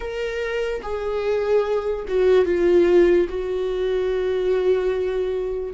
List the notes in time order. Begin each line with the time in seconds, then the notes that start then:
0.00 A#4
0.82 G#4
2.08 F#4
2.45 F4
3.29 F#4